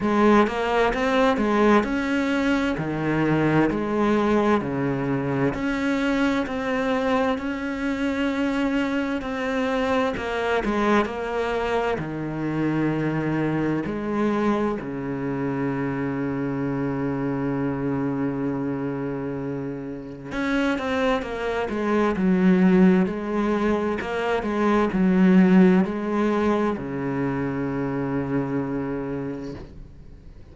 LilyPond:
\new Staff \with { instrumentName = "cello" } { \time 4/4 \tempo 4 = 65 gis8 ais8 c'8 gis8 cis'4 dis4 | gis4 cis4 cis'4 c'4 | cis'2 c'4 ais8 gis8 | ais4 dis2 gis4 |
cis1~ | cis2 cis'8 c'8 ais8 gis8 | fis4 gis4 ais8 gis8 fis4 | gis4 cis2. | }